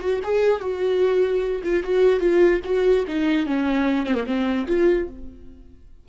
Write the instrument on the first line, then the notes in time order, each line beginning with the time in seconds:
viola
0.00 F#4
0.24 G#4
0.60 F#4
1.63 F4
1.83 F#4
2.20 F4
2.64 F#4
3.07 D#4
3.46 C#4
4.06 C4
4.14 A#3
4.26 C4
4.67 F4